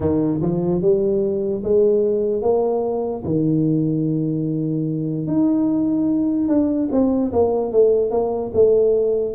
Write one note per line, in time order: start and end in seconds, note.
0.00 0.41 D#3
0.41 0.81 F3
0.81 1.62 G3
1.63 2.41 G#3
2.41 3.22 A#3
3.24 5.27 D#3
5.27 6.48 D#4
6.48 6.88 D4
6.91 7.32 C4
7.32 7.72 A#3
7.72 8.10 A3
8.10 8.51 A#3
8.54 9.34 A3